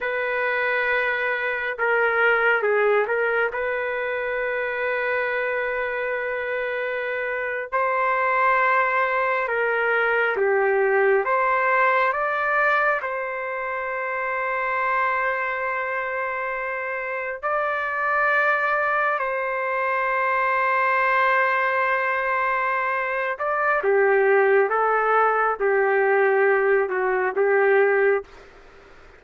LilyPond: \new Staff \with { instrumentName = "trumpet" } { \time 4/4 \tempo 4 = 68 b'2 ais'4 gis'8 ais'8 | b'1~ | b'8. c''2 ais'4 g'16~ | g'8. c''4 d''4 c''4~ c''16~ |
c''2.~ c''8. d''16~ | d''4.~ d''16 c''2~ c''16~ | c''2~ c''8 d''8 g'4 | a'4 g'4. fis'8 g'4 | }